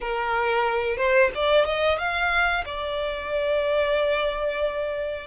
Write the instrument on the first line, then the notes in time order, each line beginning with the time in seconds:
violin
0.01 A#4
0.97 C5
1.34 D5
1.65 D#5
1.98 F5
2.65 D5